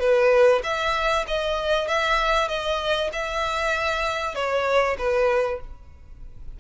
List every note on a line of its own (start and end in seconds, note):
0.00 0.62 B4
0.64 1.26 E5
1.28 1.88 D#5
1.88 2.49 E5
2.49 3.10 D#5
3.13 4.35 E5
4.35 4.97 C#5
4.98 5.60 B4